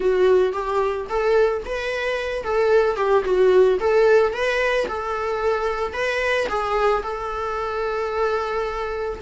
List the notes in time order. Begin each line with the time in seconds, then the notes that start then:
0.00 F#4
0.53 G4
1.09 A4
1.65 B4
2.43 A4
2.96 G4
3.24 F#4
3.80 A4
4.32 B4
4.88 A4
5.93 B4
6.48 G#4
7.03 A4